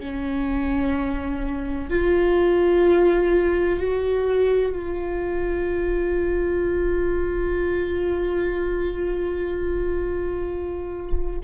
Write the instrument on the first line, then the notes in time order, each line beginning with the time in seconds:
viola
0.00 C#4
1.90 F4
3.80 F#4
4.73 F4